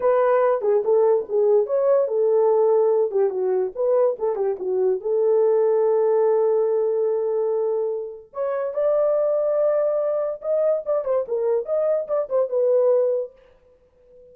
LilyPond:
\new Staff \with { instrumentName = "horn" } { \time 4/4 \tempo 4 = 144 b'4. gis'8 a'4 gis'4 | cis''4 a'2~ a'8 g'8 | fis'4 b'4 a'8 g'8 fis'4 | a'1~ |
a'1 | cis''4 d''2.~ | d''4 dis''4 d''8 c''8 ais'4 | dis''4 d''8 c''8 b'2 | }